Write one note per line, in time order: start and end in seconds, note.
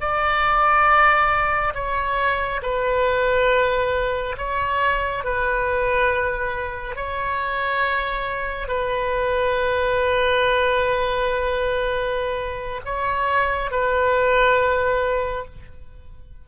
0.00 1.74 D5
1.74 2.61 C#5
2.62 4.36 B4
4.38 5.24 C#5
5.24 6.96 B4
6.96 8.68 C#5
8.68 12.81 B4
12.85 13.71 C#5
13.71 15.45 B4